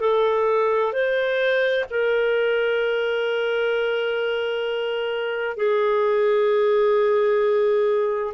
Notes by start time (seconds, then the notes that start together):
0.00 A4
0.92 C5
1.90 A#4
5.57 G#4